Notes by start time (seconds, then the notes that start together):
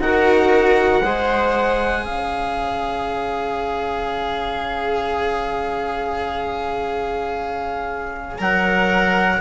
0.00 D#4 F#4 A#4 F#5
1.04 G#3 G#4 C5
2.05 C#4 C#5 F5
8.39 F#3 A#4 F#5